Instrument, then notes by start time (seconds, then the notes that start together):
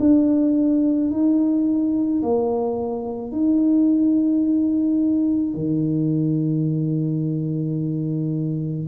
tuba
0.00 D4
1.11 D#4
2.23 A#3
3.32 D#4
5.55 D#3